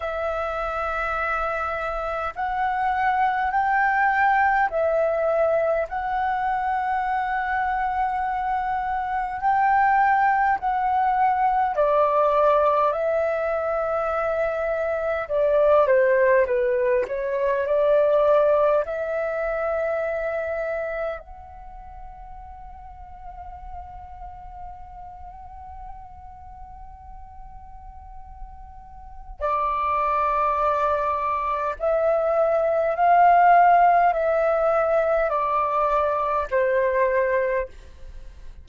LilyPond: \new Staff \with { instrumentName = "flute" } { \time 4/4 \tempo 4 = 51 e''2 fis''4 g''4 | e''4 fis''2. | g''4 fis''4 d''4 e''4~ | e''4 d''8 c''8 b'8 cis''8 d''4 |
e''2 fis''2~ | fis''1~ | fis''4 d''2 e''4 | f''4 e''4 d''4 c''4 | }